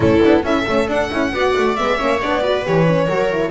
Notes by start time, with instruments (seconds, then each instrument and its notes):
0.00 double bass A3, horn C#4, viola E4, violin A4
0.22 double bass B3, horn D4
0.43 double bass C#4, horn E4, viola A4, violin E5
0.67 double bass A3, horn C#4
0.88 double bass D4, horn D4, violin F#5
1.11 double bass C#4, horn E4
1.32 double bass B3, horn F#4, viola D5
1.58 double bass A3
1.75 double bass G#3, horn B3, violin E5
1.97 double bass A#3, horn C#4, viola C#5
2.21 double bass B3, horn D4, violin D5
2.42 horn F#4, viola B4
2.64 double bass E3, horn G4, violin C#5
2.88 horn C#4
3.07 double bass F#3, horn F#4, viola A#4
3.31 horn E4